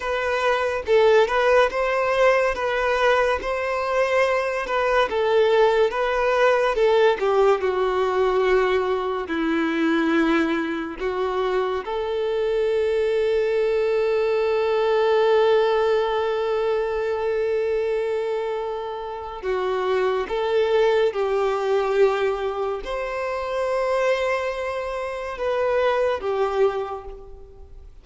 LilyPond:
\new Staff \with { instrumentName = "violin" } { \time 4/4 \tempo 4 = 71 b'4 a'8 b'8 c''4 b'4 | c''4. b'8 a'4 b'4 | a'8 g'8 fis'2 e'4~ | e'4 fis'4 a'2~ |
a'1~ | a'2. fis'4 | a'4 g'2 c''4~ | c''2 b'4 g'4 | }